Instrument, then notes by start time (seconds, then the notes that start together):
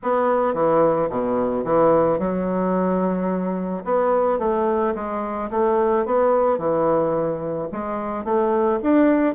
bassoon
0.03 B3
0.54 E3
1.09 B2
1.64 E3
2.18 F#3
3.84 B3
4.39 A3
4.94 G#3
5.50 A3
6.05 B3
6.58 E3
7.71 G#3
8.24 A3
8.82 D4